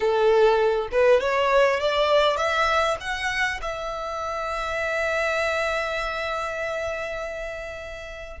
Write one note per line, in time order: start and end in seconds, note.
0.00 0.88 A4
0.91 1.20 B4
1.20 1.80 C#5
1.80 2.36 D5
2.36 2.96 E5
3.00 3.60 F#5
3.61 8.40 E5